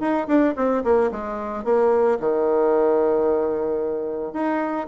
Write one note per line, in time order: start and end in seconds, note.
0.00 0.27 D#4
0.27 0.54 D4
0.56 0.83 C4
0.84 1.11 A#3
1.12 1.64 G#3
1.64 2.18 A#3
2.20 4.33 D#3
4.33 4.87 D#4